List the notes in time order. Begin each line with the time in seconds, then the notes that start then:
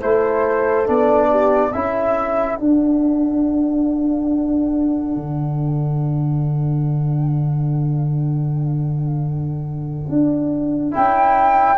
0.00 A3 E4 A4 C5
0.86 B3 D4 D5
1.31 G4
1.70 C#4 E4 A4 E5
2.56 D4 F#5
5.16 D3
10.09 D4
10.91 C#4 E4 G5